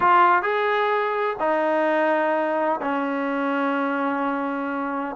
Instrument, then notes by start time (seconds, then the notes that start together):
trombone
0.00 F4
0.42 G#4
1.39 D#4
2.81 C#4